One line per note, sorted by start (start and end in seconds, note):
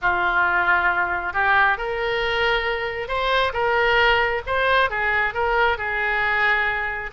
0.01 1.33 F4
1.33 1.77 G4
1.77 3.07 A#4
3.07 3.52 C5
3.53 4.42 A#4
4.46 4.90 C5
4.90 5.34 G#4
5.34 5.77 A#4
5.77 7.11 G#4